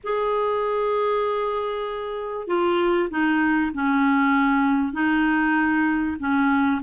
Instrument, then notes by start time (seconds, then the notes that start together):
clarinet
0.03 G#4
2.47 F4
3.10 D#4
3.74 C#4
4.93 D#4
6.19 C#4